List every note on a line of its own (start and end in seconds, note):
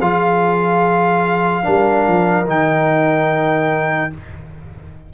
0.00 1.65 F3
0.00 1.63 F4
0.00 1.65 G#4
0.00 2.47 F5
1.63 2.07 G3
1.63 2.45 D4
1.63 4.11 A#4
2.07 2.46 F3
2.46 4.10 D#3
2.46 4.10 D#4
2.46 4.13 G5